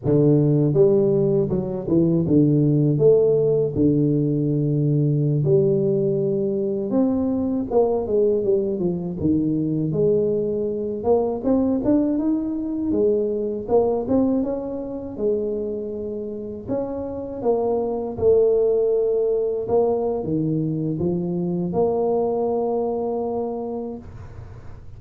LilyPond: \new Staff \with { instrumentName = "tuba" } { \time 4/4 \tempo 4 = 80 d4 g4 fis8 e8 d4 | a4 d2~ d16 g8.~ | g4~ g16 c'4 ais8 gis8 g8 f16~ | f16 dis4 gis4. ais8 c'8 d'16~ |
d'16 dis'4 gis4 ais8 c'8 cis'8.~ | cis'16 gis2 cis'4 ais8.~ | ais16 a2 ais8. dis4 | f4 ais2. | }